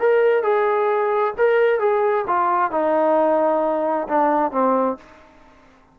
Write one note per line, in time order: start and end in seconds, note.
0.00 0.43 A#4
0.43 1.34 G#4
1.38 1.80 A#4
1.80 2.26 G#4
2.27 2.72 F4
2.72 4.08 D#4
4.09 4.52 D4
4.52 4.98 C4